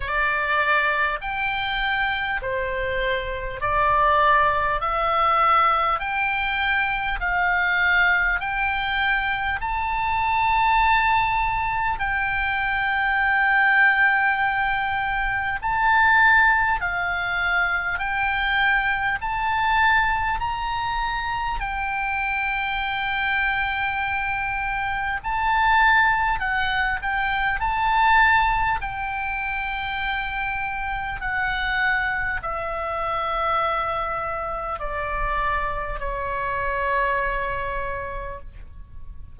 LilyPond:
\new Staff \with { instrumentName = "oboe" } { \time 4/4 \tempo 4 = 50 d''4 g''4 c''4 d''4 | e''4 g''4 f''4 g''4 | a''2 g''2~ | g''4 a''4 f''4 g''4 |
a''4 ais''4 g''2~ | g''4 a''4 fis''8 g''8 a''4 | g''2 fis''4 e''4~ | e''4 d''4 cis''2 | }